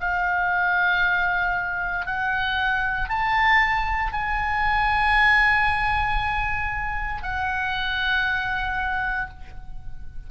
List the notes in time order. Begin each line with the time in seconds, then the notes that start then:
0.00 F5
2.06 F#5
3.09 A5
4.12 G#5
7.23 F#5